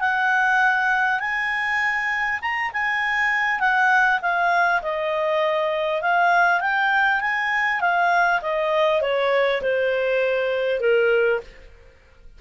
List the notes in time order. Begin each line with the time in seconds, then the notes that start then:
0.00 F#5
1.20 G#5
2.41 A#5
2.73 G#5
3.60 F#5
4.22 F5
4.82 D#5
6.02 F5
6.61 G5
7.20 G#5
7.81 F5
8.42 D#5
9.01 C#5
9.62 C5
10.80 A#4